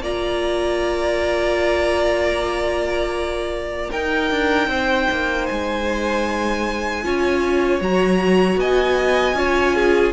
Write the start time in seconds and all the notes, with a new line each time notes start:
0.00 A#3 F4 D5 A#5
3.91 D#4 A#4 G5
4.31 D4
4.68 C4 C5
5.11 A#3
5.46 G#3 G#5
7.04 C#4 F4 C#5
7.81 F#3 F#4 A#5
8.56 B3 D#5 G#5
9.34 C#4 F4 C#5
9.75 G#4